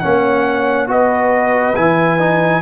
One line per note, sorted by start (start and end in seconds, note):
0.00 0.88 A#3
0.00 0.87 C#4
0.00 0.89 C#5
0.00 0.87 F#5
0.87 1.75 B3
0.87 1.74 F#4
0.87 2.62 B4
0.87 1.75 D#5
1.75 2.62 E3
1.75 2.19 E4
1.75 2.62 G#5
2.19 2.62 D#4